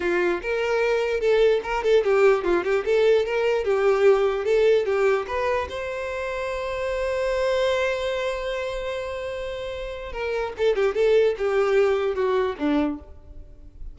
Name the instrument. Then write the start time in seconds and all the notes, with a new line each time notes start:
violin
0.00 F4
0.42 A#4
1.20 A4
1.63 A#4
1.83 A4
2.04 G4
2.43 F4
2.64 G4
2.85 A4
3.25 A#4
3.64 G4
4.44 A4
4.85 G4
5.27 B4
5.69 C5
10.12 A#4
10.57 A4
10.75 G4
10.95 A4
11.38 G4
12.15 F#4
12.58 D4